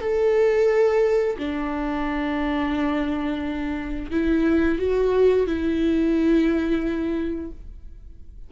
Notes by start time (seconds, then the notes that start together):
0.00 A4
1.38 D4
4.11 E4
4.79 F#4
5.46 E4